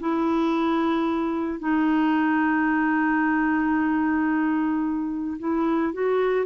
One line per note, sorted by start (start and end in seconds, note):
0.00 1.59 E4
1.59 5.37 D#4
5.39 5.93 E4
5.93 6.45 F#4